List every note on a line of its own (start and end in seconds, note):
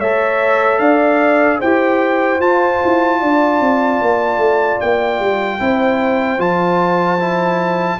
0.00 0.79 A3
0.00 1.63 A4
0.00 0.80 C#5
0.00 0.79 E5
0.79 1.59 D4
0.79 1.60 D5
0.79 1.59 F5
1.60 2.40 E4
1.60 2.41 G4
1.60 3.20 C5
1.60 2.41 G5
2.40 2.80 F4
2.40 5.60 F4
2.40 4.81 A5
2.85 3.22 E4
3.20 3.61 D4
3.20 5.60 D5
3.61 4.01 C4
4.02 4.38 A#3
4.38 4.78 A3
4.81 5.20 A#3
4.81 6.41 G5
5.20 5.60 G3
5.60 6.39 C4
5.60 6.39 E4
5.60 8.00 C5
6.39 7.99 F3
6.39 7.19 F4
6.39 8.00 A5
7.20 8.00 E4